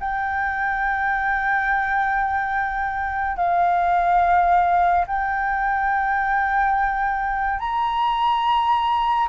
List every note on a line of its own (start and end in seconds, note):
0.00 3.37 G5
3.37 5.06 F5
5.07 7.60 G5
7.60 9.29 A#5